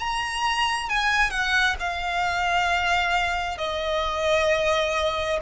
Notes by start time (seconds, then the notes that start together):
0.00 A#5
0.90 G#5
1.31 F#5
1.80 F5
3.58 D#5